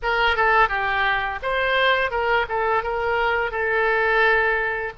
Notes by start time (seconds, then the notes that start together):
0.02 A#4
0.36 A4
0.68 G4
1.42 C5
2.10 A#4
2.48 A4
2.83 A#4
3.51 A4